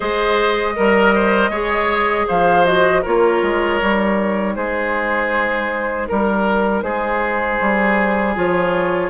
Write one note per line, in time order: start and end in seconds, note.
0.00 0.77 G#3
0.00 0.75 G#4
0.00 0.73 C5
0.00 2.27 D#5
0.75 1.49 G3
0.75 1.51 A#4
0.75 1.14 A#4
1.14 1.50 C5
1.49 2.25 G#3
1.49 2.65 G#4
1.49 2.26 C#5
2.27 3.05 F3
2.27 3.02 C5
2.27 2.65 F5
2.65 3.03 F#4
2.65 3.03 D#5
3.02 3.42 A#3
3.02 3.81 F4
3.02 4.54 A#4
3.02 4.55 C#5
3.42 3.80 G#3
3.81 4.56 G3
3.81 8.35 D#4
4.55 6.08 G#3
4.55 6.08 G#4
4.55 6.07 C5
6.08 6.82 G3
6.08 6.82 A#4
6.08 6.84 A#4
6.82 7.58 G#3
6.82 9.10 G#4
6.82 8.34 C5
7.60 8.36 G3
8.35 9.10 F3
8.35 9.10 F4
8.35 9.10 C#5